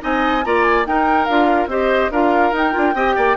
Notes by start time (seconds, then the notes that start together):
0.00 C4 D#4 D#5 G#5
0.44 A#3 F4 D5 A#5
0.63 G#5
0.85 D#4 A#4 G5
1.25 D4 F4 F5
1.67 C4 G4 C5 D#5
2.11 D4 F4 A#4 F5
2.52 D#4 G5
2.72 D4 F4
2.94 C4 G4 D#5
3.16 A#3 D5